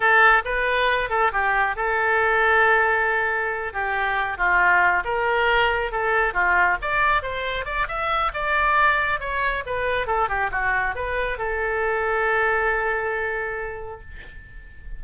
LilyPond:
\new Staff \with { instrumentName = "oboe" } { \time 4/4 \tempo 4 = 137 a'4 b'4. a'8 g'4 | a'1~ | a'8 g'4. f'4. ais'8~ | ais'4. a'4 f'4 d''8~ |
d''8 c''4 d''8 e''4 d''4~ | d''4 cis''4 b'4 a'8 g'8 | fis'4 b'4 a'2~ | a'1 | }